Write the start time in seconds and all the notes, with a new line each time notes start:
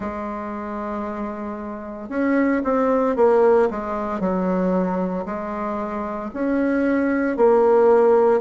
0.00 G#3
2.09 C#4
2.64 C4
3.16 A#3
3.70 G#3
4.20 F#3
5.25 G#3
6.33 C#4
7.36 A#3